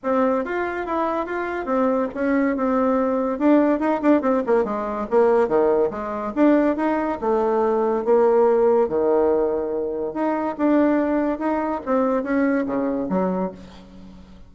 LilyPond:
\new Staff \with { instrumentName = "bassoon" } { \time 4/4 \tempo 4 = 142 c'4 f'4 e'4 f'4 | c'4 cis'4 c'2 | d'4 dis'8 d'8 c'8 ais8 gis4 | ais4 dis4 gis4 d'4 |
dis'4 a2 ais4~ | ais4 dis2. | dis'4 d'2 dis'4 | c'4 cis'4 cis4 fis4 | }